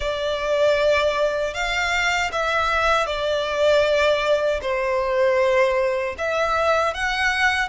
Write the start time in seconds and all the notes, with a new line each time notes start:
0.00 D5
1.53 F5
2.31 E5
3.06 D5
4.61 C5
6.17 E5
6.93 F#5